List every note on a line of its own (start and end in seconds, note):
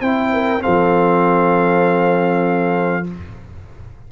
0.00 0.62 C4
0.00 0.59 E4
0.00 0.31 C5
0.00 0.62 G5
0.33 0.63 A#4
0.59 3.04 C4
0.59 3.08 A4
0.59 3.07 F5
0.66 3.11 F3